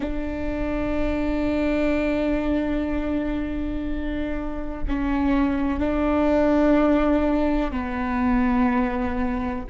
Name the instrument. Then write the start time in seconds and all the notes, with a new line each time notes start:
viola
0.00 D4
4.87 C#4
5.79 D4
7.71 B3